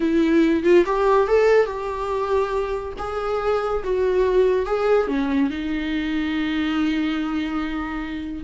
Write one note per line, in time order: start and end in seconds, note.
0.00 0.63 E4
0.63 0.84 F4
0.85 1.27 G4
1.27 1.66 A4
1.66 2.92 G4
2.98 3.83 G#4
3.83 4.66 F#4
4.66 5.07 G#4
5.07 5.49 C#4
5.49 8.43 D#4